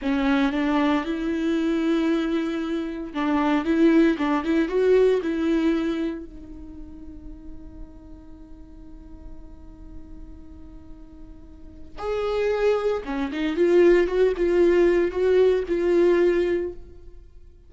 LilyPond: \new Staff \with { instrumentName = "viola" } { \time 4/4 \tempo 4 = 115 cis'4 d'4 e'2~ | e'2 d'4 e'4 | d'8 e'8 fis'4 e'2 | dis'1~ |
dis'1~ | dis'2. gis'4~ | gis'4 cis'8 dis'8 f'4 fis'8 f'8~ | f'4 fis'4 f'2 | }